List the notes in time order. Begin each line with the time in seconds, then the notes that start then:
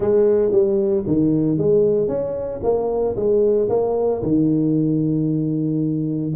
0.00 G#3
0.51 G3
1.06 D#3
1.58 G#3
2.08 C#4
2.63 A#3
3.16 G#3
3.69 A#3
4.22 D#3